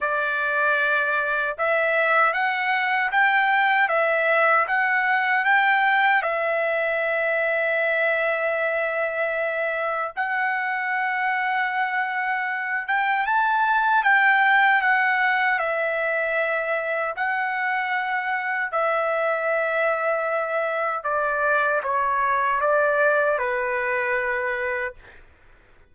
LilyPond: \new Staff \with { instrumentName = "trumpet" } { \time 4/4 \tempo 4 = 77 d''2 e''4 fis''4 | g''4 e''4 fis''4 g''4 | e''1~ | e''4 fis''2.~ |
fis''8 g''8 a''4 g''4 fis''4 | e''2 fis''2 | e''2. d''4 | cis''4 d''4 b'2 | }